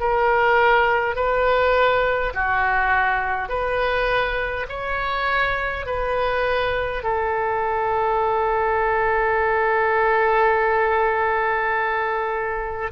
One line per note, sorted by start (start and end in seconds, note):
0.00 1.16 A#4
1.16 2.33 B4
2.34 3.49 F#4
3.49 4.66 B4
4.68 5.86 C#5
5.86 7.03 B4
7.03 12.91 A4